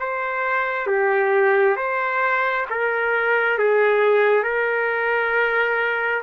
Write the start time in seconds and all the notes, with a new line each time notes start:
0.00 C5
0.87 G4
1.77 C5
2.70 A#4
3.59 G#4
4.44 A#4